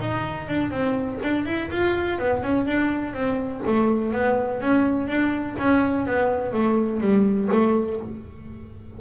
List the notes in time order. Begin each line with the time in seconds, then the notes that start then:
0.00 D#4
0.48 D4
0.71 C4
1.23 D4
1.45 E4
1.71 F4
2.18 B3
2.43 C#4
2.66 D4
3.13 C4
3.66 A3
4.12 B3
4.61 C#4
5.08 D4
5.59 C#4
6.06 B3
6.52 A3
7.00 G3
7.52 A3